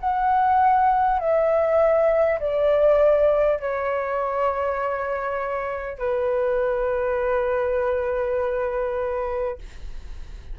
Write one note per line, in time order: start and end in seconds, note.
0.00 1.19 F#5
1.19 2.39 E5
2.39 3.59 D5
3.59 5.98 C#5
5.98 9.58 B4